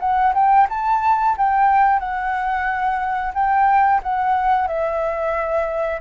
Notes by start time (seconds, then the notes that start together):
0.00 F#5
0.34 G5
0.69 A5
1.38 G5
2.00 F#5
3.35 G5
4.03 F#5
4.68 E5